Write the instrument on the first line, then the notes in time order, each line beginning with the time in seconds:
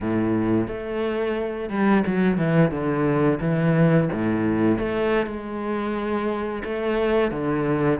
cello
0.00 A2
0.67 A3
1.69 G3
2.06 F#3
2.37 E3
2.71 D3
3.40 E3
4.12 A2
4.78 A3
5.26 G#3
6.64 A3
7.31 D3